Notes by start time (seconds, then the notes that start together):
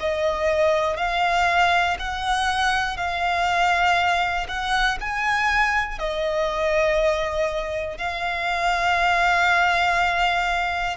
0.00 D#5
0.97 F5
2.00 F#5
2.97 F5
4.49 F#5
5.00 G#5
5.99 D#5
7.98 F5